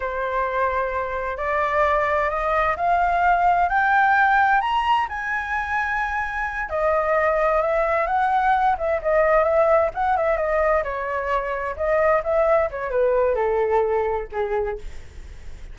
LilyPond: \new Staff \with { instrumentName = "flute" } { \time 4/4 \tempo 4 = 130 c''2. d''4~ | d''4 dis''4 f''2 | g''2 ais''4 gis''4~ | gis''2~ gis''8 dis''4.~ |
dis''8 e''4 fis''4. e''8 dis''8~ | dis''8 e''4 fis''8 e''8 dis''4 cis''8~ | cis''4. dis''4 e''4 cis''8 | b'4 a'2 gis'4 | }